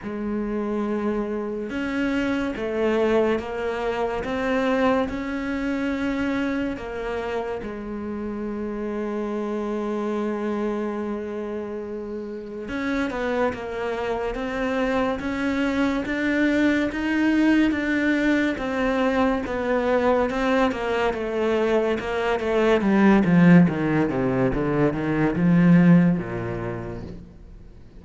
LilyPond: \new Staff \with { instrumentName = "cello" } { \time 4/4 \tempo 4 = 71 gis2 cis'4 a4 | ais4 c'4 cis'2 | ais4 gis2.~ | gis2. cis'8 b8 |
ais4 c'4 cis'4 d'4 | dis'4 d'4 c'4 b4 | c'8 ais8 a4 ais8 a8 g8 f8 | dis8 c8 d8 dis8 f4 ais,4 | }